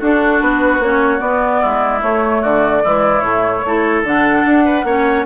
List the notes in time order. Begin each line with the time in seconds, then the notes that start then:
0.00 D4 F#4 A4
0.42 B3 B4
0.80 A#3 C#4 C#5
1.20 B3 D5
1.61 G#3 E4
2.01 A3 C#5
2.42 D3 F#4 D5
2.84 E3 G#3 E4
3.21 A2 A3 C#5
3.65 A3 E4 A4
4.04 D3 D4 F#5
4.46 D4
4.65 B4
4.84 A#3 C#4 C#5